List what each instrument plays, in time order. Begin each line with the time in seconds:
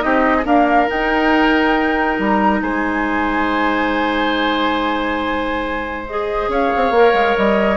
0.00 bassoon C4, clarinet D#4, oboe G4, flute D#5
0.37 oboe G#4
0.45 clarinet A#3, bassoon D4, oboe A#4, flute F5
0.86 clarinet D#4, bassoon D#4, flute G5
2.19 bassoon G3, flute A#5
2.62 bassoon G#3, oboe C5, flute G#5
6.07 clarinet G#4, flute D#5
6.48 bassoon C#4, oboe C#5, flute F5
6.76 bassoon C4
6.91 bassoon A#3, clarinet A#4
7.14 bassoon G#3
7.37 bassoon G3, flute D#5